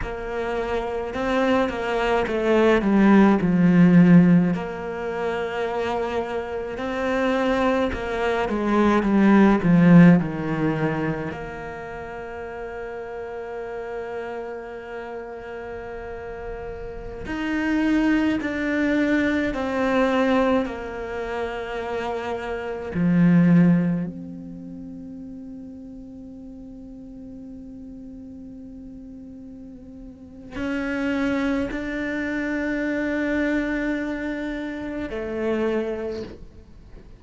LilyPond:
\new Staff \with { instrumentName = "cello" } { \time 4/4 \tempo 4 = 53 ais4 c'8 ais8 a8 g8 f4 | ais2 c'4 ais8 gis8 | g8 f8 dis4 ais2~ | ais2.~ ais16 dis'8.~ |
dis'16 d'4 c'4 ais4.~ ais16~ | ais16 f4 c'2~ c'8.~ | c'2. cis'4 | d'2. a4 | }